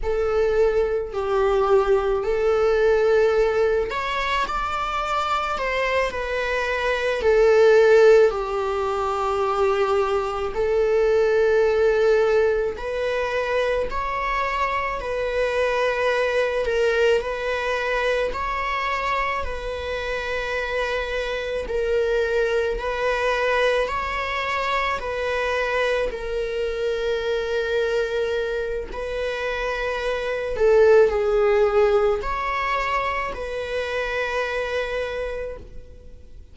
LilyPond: \new Staff \with { instrumentName = "viola" } { \time 4/4 \tempo 4 = 54 a'4 g'4 a'4. cis''8 | d''4 c''8 b'4 a'4 g'8~ | g'4. a'2 b'8~ | b'8 cis''4 b'4. ais'8 b'8~ |
b'8 cis''4 b'2 ais'8~ | ais'8 b'4 cis''4 b'4 ais'8~ | ais'2 b'4. a'8 | gis'4 cis''4 b'2 | }